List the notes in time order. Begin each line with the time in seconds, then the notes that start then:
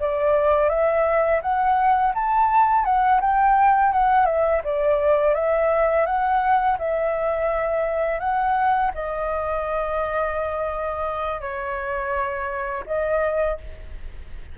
0.00 D5
0.70 E5
1.42 F#5
2.15 A5
2.85 F#5
3.21 G5
3.93 F#5
4.26 E5
4.64 D5
5.35 E5
6.06 F#5
6.79 E5
8.20 F#5
8.95 D#5
11.41 C#5
12.87 D#5